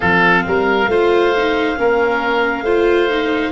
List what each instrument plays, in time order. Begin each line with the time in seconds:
0.00 tuba F3, viola C4, oboe A4, clarinet F5
0.47 tuba G3, oboe A#4
0.87 tuba A3, viola F4, oboe C5
1.36 viola D#4
1.76 tuba A#3, viola C#4, oboe A#4
2.61 tuba A3, viola F4, oboe C5
3.09 viola D#4